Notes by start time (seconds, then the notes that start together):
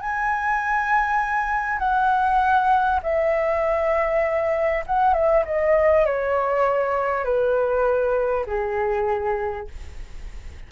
0.00 G#5
1.79 F#5
3.02 E5
4.86 F#5
5.13 E5
5.45 D#5
6.05 C#5
7.24 B4
8.46 G#4